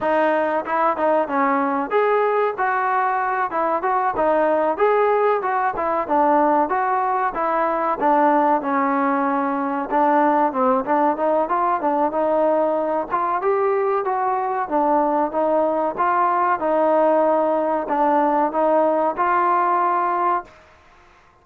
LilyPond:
\new Staff \with { instrumentName = "trombone" } { \time 4/4 \tempo 4 = 94 dis'4 e'8 dis'8 cis'4 gis'4 | fis'4. e'8 fis'8 dis'4 gis'8~ | gis'8 fis'8 e'8 d'4 fis'4 e'8~ | e'8 d'4 cis'2 d'8~ |
d'8 c'8 d'8 dis'8 f'8 d'8 dis'4~ | dis'8 f'8 g'4 fis'4 d'4 | dis'4 f'4 dis'2 | d'4 dis'4 f'2 | }